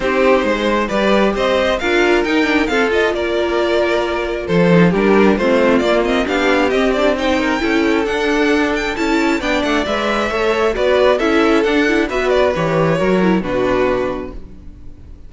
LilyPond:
<<
  \new Staff \with { instrumentName = "violin" } { \time 4/4 \tempo 4 = 134 c''2 d''4 dis''4 | f''4 g''4 f''8 dis''8 d''4~ | d''2 c''4 ais'4 | c''4 d''8 dis''8 f''4 dis''8 d''8 |
g''2 fis''4. g''8 | a''4 g''8 fis''8 e''2 | d''4 e''4 fis''4 e''8 d''8 | cis''2 b'2 | }
  \new Staff \with { instrumentName = "violin" } { \time 4/4 g'4 c''4 b'4 c''4 | ais'2 a'4 ais'4~ | ais'2 a'4 g'4 | f'2 g'2 |
c''8 ais'8 a'2.~ | a'4 d''2 cis''4 | b'4 a'2 b'4~ | b'4 ais'4 fis'2 | }
  \new Staff \with { instrumentName = "viola" } { \time 4/4 dis'2 g'2 | f'4 dis'8 d'8 c'8 f'4.~ | f'2~ f'8 dis'8 d'4 | c'4 ais8 c'8 d'4 c'8 d'8 |
dis'4 e'4 d'2 | e'4 d'4 b'4 a'4 | fis'4 e'4 d'8 e'8 fis'4 | g'4 fis'8 e'8 d'2 | }
  \new Staff \with { instrumentName = "cello" } { \time 4/4 c'4 gis4 g4 c'4 | d'4 dis'4 f'4 ais4~ | ais2 f4 g4 | a4 ais4 b4 c'4~ |
c'4 cis'4 d'2 | cis'4 b8 a8 gis4 a4 | b4 cis'4 d'4 b4 | e4 fis4 b,2 | }
>>